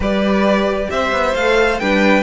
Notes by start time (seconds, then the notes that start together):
0.00 G3 G4 B4 D5
0.90 C4 C5 E5
1.11 B3
1.34 A3 A4 F5
1.79 G3 D4 B4 G5